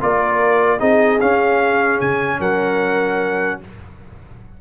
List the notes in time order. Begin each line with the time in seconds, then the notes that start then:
0.00 A#3 F4 A#4 D5
0.79 C4 D#4 G#4 D#5
1.20 C#4 F5
2.00 C#3 G#5
2.40 F#3 A#4 F#5